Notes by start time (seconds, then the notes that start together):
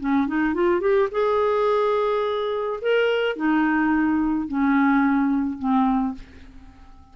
0.00 C#4
0.28 D#4
0.55 F4
0.81 G4
1.12 G#4
2.82 A#4
3.36 D#4
4.48 C#4
5.59 C4